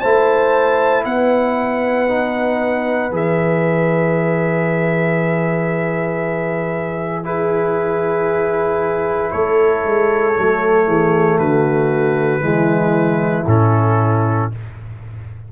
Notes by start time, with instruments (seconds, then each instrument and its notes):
0.00 tuba A3, trombone E4, horn C5, trumpet A5
1.05 tuba B3, horn B4, trumpet F#5
2.08 trombone D#4
3.11 tuba E3, trombone G#4, trumpet E5
7.24 trombone E4, horn G#4, trumpet B4
9.31 tuba A3, horn A4, trumpet C#5
9.84 tuba G#3
10.35 tuba F#3, trombone A3
10.87 tuba E3, horn G#4
11.38 tuba D3, horn F#4, trumpet B4
12.41 tuba E3, trombone G#3, horn E4
13.46 tuba A2, trombone C#4, trumpet A4